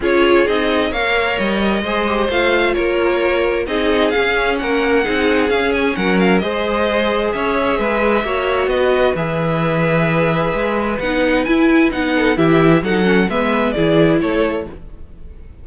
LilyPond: <<
  \new Staff \with { instrumentName = "violin" } { \time 4/4 \tempo 4 = 131 cis''4 dis''4 f''4 dis''4~ | dis''4 f''4 cis''2 | dis''4 f''4 fis''2 | f''8 gis''8 fis''8 f''8 dis''2 |
e''2. dis''4 | e''1 | fis''4 gis''4 fis''4 e''4 | fis''4 e''4 d''4 cis''4 | }
  \new Staff \with { instrumentName = "violin" } { \time 4/4 gis'2 cis''2 | c''2 ais'2 | gis'2 ais'4 gis'4~ | gis'4 ais'4 c''2 |
cis''4 b'4 cis''4 b'4~ | b'1~ | b'2~ b'8 a'8 g'4 | a'4 b'4 gis'4 a'4 | }
  \new Staff \with { instrumentName = "viola" } { \time 4/4 f'4 dis'4 ais'2 | gis'8 g'8 f'2. | dis'4 cis'2 dis'4 | cis'2 gis'2~ |
gis'2 fis'2 | gis'1 | dis'4 e'4 dis'4 e'4 | dis'8 cis'8 b4 e'2 | }
  \new Staff \with { instrumentName = "cello" } { \time 4/4 cis'4 c'4 ais4 g4 | gis4 a4 ais2 | c'4 cis'4 ais4 c'4 | cis'4 fis4 gis2 |
cis'4 gis4 ais4 b4 | e2. gis4 | b4 e'4 b4 e4 | fis4 gis4 e4 a4 | }
>>